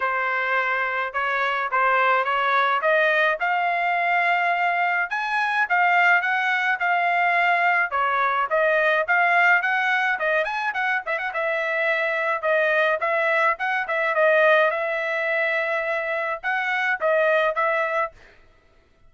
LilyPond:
\new Staff \with { instrumentName = "trumpet" } { \time 4/4 \tempo 4 = 106 c''2 cis''4 c''4 | cis''4 dis''4 f''2~ | f''4 gis''4 f''4 fis''4 | f''2 cis''4 dis''4 |
f''4 fis''4 dis''8 gis''8 fis''8 e''16 fis''16 | e''2 dis''4 e''4 | fis''8 e''8 dis''4 e''2~ | e''4 fis''4 dis''4 e''4 | }